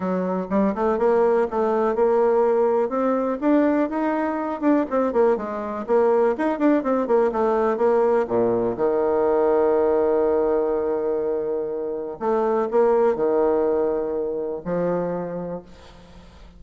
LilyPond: \new Staff \with { instrumentName = "bassoon" } { \time 4/4 \tempo 4 = 123 fis4 g8 a8 ais4 a4 | ais2 c'4 d'4 | dis'4. d'8 c'8 ais8 gis4 | ais4 dis'8 d'8 c'8 ais8 a4 |
ais4 ais,4 dis2~ | dis1~ | dis4 a4 ais4 dis4~ | dis2 f2 | }